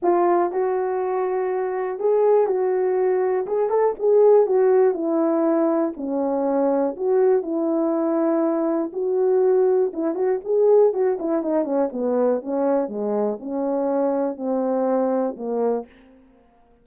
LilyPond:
\new Staff \with { instrumentName = "horn" } { \time 4/4 \tempo 4 = 121 f'4 fis'2. | gis'4 fis'2 gis'8 a'8 | gis'4 fis'4 e'2 | cis'2 fis'4 e'4~ |
e'2 fis'2 | e'8 fis'8 gis'4 fis'8 e'8 dis'8 cis'8 | b4 cis'4 gis4 cis'4~ | cis'4 c'2 ais4 | }